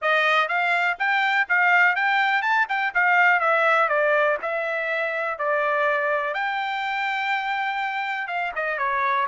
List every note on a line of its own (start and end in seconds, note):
0.01 0.48 D#5
0.48 0.97 F5
0.98 1.47 G5
1.48 1.95 F5
1.95 2.41 G5
2.41 2.66 A5
2.68 2.93 G5
2.94 3.40 F5
3.40 3.88 E5
3.88 4.37 D5
4.41 5.38 E5
5.38 6.33 D5
6.33 8.27 G5
8.27 8.51 F5
8.55 8.78 D#5
8.78 9.26 C#5